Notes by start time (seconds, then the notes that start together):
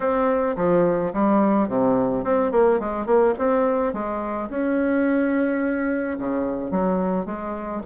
0.00 C4
0.56 F3
1.13 G3
1.68 C3
2.24 C4
2.51 A#3
2.79 G#3
3.06 A#3
3.38 C4
3.93 G#3
4.49 C#4
6.18 C#3
6.70 F#3
7.25 G#3